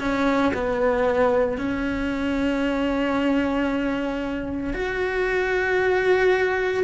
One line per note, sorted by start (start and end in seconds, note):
0.00 0.53 C#4
0.54 1.58 B3
1.58 4.74 C#4
4.74 6.84 F#4